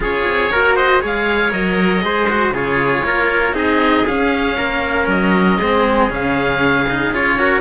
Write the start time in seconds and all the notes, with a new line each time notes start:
0.00 C#4 F4 G#4 C#5
0.26 C4
0.52 A#3 F#4 A#4
0.76 C5 D#5
1.00 G#3 G#4 C#5 F5
1.51 F#3 A#4 D#5
2.01 G#3 G#4 C5
2.29 F#4
2.50 C#3 F4 G#4 C#5
3.05 A#3 A#4
3.53 C4 D#4 G#4 D#5
4.05 C#4 F5
4.56 A#3 A#4
5.07 F#3 D#5
5.58 G#3 C4 G#4
6.09 C#3 C#4 F5
6.89 D#4
7.11 C#4 F4 C#5
7.38 F#4 A#4